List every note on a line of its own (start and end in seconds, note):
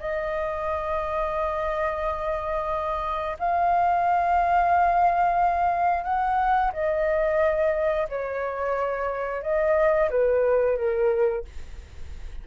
0.00 3.37 D#5
3.39 6.04 F5
6.04 6.71 F#5
6.73 8.08 D#5
8.09 9.42 C#5
9.42 10.10 D#5
10.10 10.77 B4
10.77 11.45 A#4